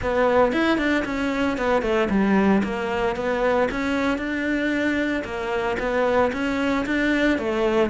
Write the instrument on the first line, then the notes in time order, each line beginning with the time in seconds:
cello
0.01 B3
0.52 E4
0.78 D4
1.04 C#4
1.57 B3
1.82 A3
2.09 G3
2.63 A#3
3.16 B3
3.71 C#4
4.17 D4
5.24 A#3
5.79 B3
6.33 C#4
6.86 D4
7.38 A3